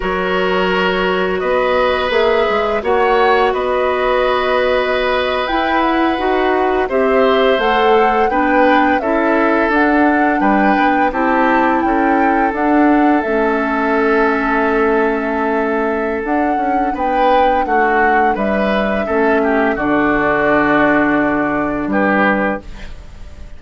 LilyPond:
<<
  \new Staff \with { instrumentName = "flute" } { \time 4/4 \tempo 4 = 85 cis''2 dis''4 e''4 | fis''4 dis''2~ dis''8. g''16~ | g''16 fis''4. e''4 fis''4 g''16~ | g''8. e''4 fis''4 g''4 a''16~ |
a''8. g''4 fis''4 e''4~ e''16~ | e''2. fis''4 | g''4 fis''4 e''2 | d''2. b'4 | }
  \new Staff \with { instrumentName = "oboe" } { \time 4/4 ais'2 b'2 | cis''4 b'2.~ | b'4.~ b'16 c''2 b'16~ | b'8. a'2 b'4 g'16~ |
g'8. a'2.~ a'16~ | a'1 | b'4 fis'4 b'4 a'8 g'8 | fis'2. g'4 | }
  \new Staff \with { instrumentName = "clarinet" } { \time 4/4 fis'2. gis'4 | fis'2.~ fis'8. e'16~ | e'8. fis'4 g'4 a'4 d'16~ | d'8. e'4 d'2 e'16~ |
e'4.~ e'16 d'4 cis'4~ cis'16~ | cis'2. d'4~ | d'2. cis'4 | d'1 | }
  \new Staff \with { instrumentName = "bassoon" } { \time 4/4 fis2 b4 ais8 gis8 | ais4 b2~ b8. e'16~ | e'8. dis'4 c'4 a4 b16~ | b8. cis'4 d'4 g8 b8 c'16~ |
c'8. cis'4 d'4 a4~ a16~ | a2. d'8 cis'8 | b4 a4 g4 a4 | d2. g4 | }
>>